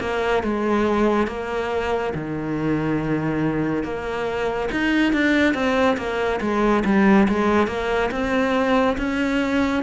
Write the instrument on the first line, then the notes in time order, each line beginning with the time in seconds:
cello
0.00 A#3
0.43 G#3
1.27 A#3
2.14 D#3
3.83 A#3
4.71 D#4
5.12 D4
5.54 C4
5.97 A#3
6.41 G#3
6.85 G3
7.28 G#3
7.67 A#3
8.11 C4
8.97 C#4